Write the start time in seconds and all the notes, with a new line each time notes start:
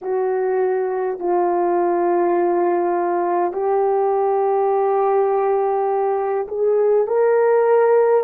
0.01 F#4
1.19 F4
3.52 G4
6.48 G#4
7.07 A#4